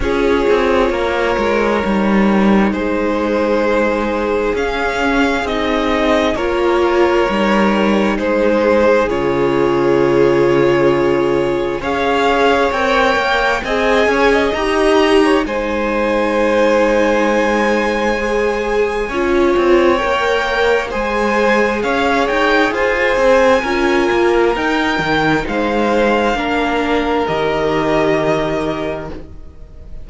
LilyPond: <<
  \new Staff \with { instrumentName = "violin" } { \time 4/4 \tempo 4 = 66 cis''2. c''4~ | c''4 f''4 dis''4 cis''4~ | cis''4 c''4 cis''2~ | cis''4 f''4 g''4 gis''4 |
ais''4 gis''2.~ | gis''2 g''4 gis''4 | f''8 g''8 gis''2 g''4 | f''2 dis''2 | }
  \new Staff \with { instrumentName = "violin" } { \time 4/4 gis'4 ais'2 gis'4~ | gis'2. ais'4~ | ais'4 gis'2.~ | gis'4 cis''2 dis''8 cis''16 dis''16~ |
dis''8. cis''16 c''2.~ | c''4 cis''2 c''4 | cis''4 c''4 ais'2 | c''4 ais'2. | }
  \new Staff \with { instrumentName = "viola" } { \time 4/4 f'2 dis'2~ | dis'4 cis'4 dis'4 f'4 | dis'2 f'2~ | f'4 gis'4 ais'4 gis'4 |
g'4 dis'2. | gis'4 f'4 ais'4 gis'4~ | gis'2 f'4 dis'4~ | dis'4 d'4 g'2 | }
  \new Staff \with { instrumentName = "cello" } { \time 4/4 cis'8 c'8 ais8 gis8 g4 gis4~ | gis4 cis'4 c'4 ais4 | g4 gis4 cis2~ | cis4 cis'4 c'8 ais8 c'8 cis'8 |
dis'4 gis2.~ | gis4 cis'8 c'8 ais4 gis4 | cis'8 dis'8 f'8 c'8 cis'8 ais8 dis'8 dis8 | gis4 ais4 dis2 | }
>>